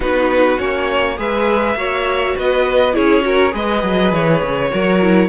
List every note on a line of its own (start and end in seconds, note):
0.00 0.58 B3
0.00 0.58 D#4
0.00 1.17 F#4
0.00 0.59 B4
0.58 1.18 A#3
0.58 1.17 C#4
0.58 1.17 C#5
1.17 1.75 G#3
1.17 1.75 G#4
1.17 1.77 B4
1.17 2.37 E5
1.75 2.34 A#3
1.75 2.93 F#4
1.75 2.36 C#5
2.36 2.96 B3
2.36 2.94 B4
2.36 2.95 D#5
2.93 3.54 C#4
2.93 3.21 E4
2.93 3.24 G#4
2.93 3.53 C#5
3.21 3.50 F#4
3.21 3.53 A#4
3.50 3.83 G#3
3.50 4.68 G#4
3.50 4.71 B4
3.50 4.13 D#5
3.83 4.12 F#3
4.12 4.41 E3
4.12 5.28 C#5
4.42 4.71 C#3
4.70 5.28 F#3
4.70 5.00 F#4
4.70 5.28 A#4
5.01 5.28 E4